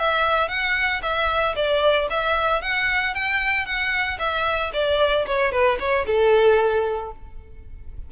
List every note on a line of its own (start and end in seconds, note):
0.00 0.49 E5
0.49 1.01 F#5
1.03 1.56 E5
1.56 2.09 D5
2.10 2.62 E5
2.62 3.15 F#5
3.15 3.66 G5
3.66 4.19 F#5
4.19 4.72 E5
4.73 5.26 D5
5.27 5.52 C#5
5.52 5.79 B4
5.80 6.06 C#5
6.07 7.12 A4